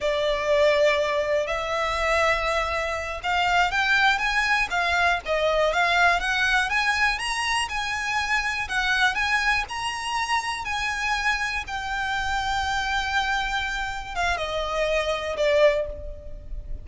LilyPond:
\new Staff \with { instrumentName = "violin" } { \time 4/4 \tempo 4 = 121 d''2. e''4~ | e''2~ e''8 f''4 g''8~ | g''8 gis''4 f''4 dis''4 f''8~ | f''8 fis''4 gis''4 ais''4 gis''8~ |
gis''4. fis''4 gis''4 ais''8~ | ais''4. gis''2 g''8~ | g''1~ | g''8 f''8 dis''2 d''4 | }